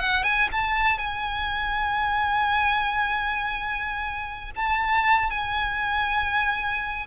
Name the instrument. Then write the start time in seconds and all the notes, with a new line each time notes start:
violin
0.00 F#5
0.23 G#5
0.52 A5
0.98 G#5
4.56 A5
5.31 G#5